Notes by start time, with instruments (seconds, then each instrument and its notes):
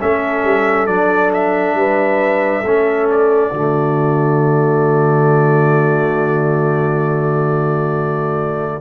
0.00 tuba A3, trombone C#4, horn A4, trumpet E5
0.44 tuba G3
0.87 tuba F#3, trombone D4, trumpet D5
1.33 trumpet E5
1.74 tuba G3, horn B4
2.61 tuba A3, trombone C#4, horn A4
3.11 trumpet D5
3.52 tuba D3, trombone A3, horn F#4